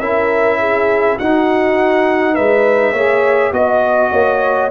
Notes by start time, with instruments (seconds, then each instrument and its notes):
0.00 tuba C#4, trombone E4, horn A#4, trumpet E5
0.59 horn G#4
1.16 trombone D#4, tuba D#4, horn F#4, trumpet F#5
2.34 tuba G#3, horn B4, trumpet E5
2.93 tuba A#3, trombone G#4, horn C#5
3.52 tuba B3, trombone F#4, trumpet D#5, horn D#5
4.12 tuba A#3, horn C#5